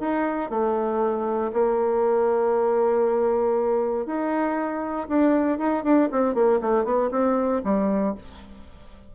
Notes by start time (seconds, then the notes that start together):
0.00 D#4
0.50 A3
1.53 A#3
4.06 D#4
5.08 D4
5.58 D#4
5.83 D4
6.11 C4
6.34 A#3
6.61 A3
6.84 B3
7.11 C4
7.64 G3